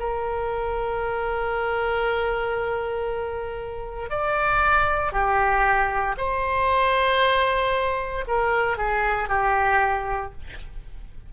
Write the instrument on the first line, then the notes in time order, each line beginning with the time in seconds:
oboe
0.00 A#4
4.10 D5
5.13 G4
6.18 C5
8.28 A#4
8.78 G#4
9.29 G4